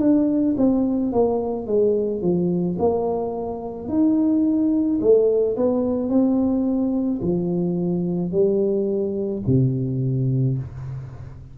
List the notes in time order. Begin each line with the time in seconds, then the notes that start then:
0.00 D4
0.57 C4
1.12 A#3
1.67 G#3
2.22 F3
2.79 A#3
3.89 D#4
5.01 A3
5.57 B3
6.09 C4
7.22 F3
8.31 G3
9.47 C3